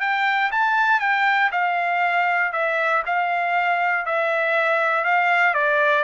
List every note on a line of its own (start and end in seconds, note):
0.00 0.50 G5
0.51 1.00 A5
1.00 1.50 G5
1.51 2.52 F5
2.52 3.03 E5
3.05 4.05 F5
4.05 5.04 E5
5.04 5.53 F5
5.53 6.03 D5